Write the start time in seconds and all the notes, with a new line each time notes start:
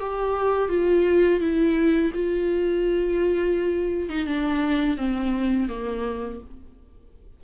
0.00 G4
0.69 F4
1.40 E4
2.14 F4
4.10 D#4
4.26 D4
4.97 C4
5.69 A#3